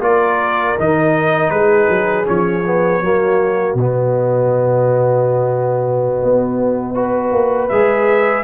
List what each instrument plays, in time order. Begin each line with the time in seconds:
0.00 tuba A#3, trombone F4, horn A#4, trumpet D5
0.79 tuba D#3, trombone D#4, trumpet D#5
1.50 tuba G#3, horn G#4, trumpet B4
1.89 tuba F#3
2.25 tuba F3, trombone C#4, trumpet C#5
2.66 trombone B3
3.01 tuba F#3, trombone A#3, horn F#4
3.74 tuba B2, trumpet D#5
3.80 trombone B3
6.23 tuba B3
6.94 trombone F#4, horn B4
7.31 tuba A#3
7.69 tuba G#3, trombone G#4, trumpet E5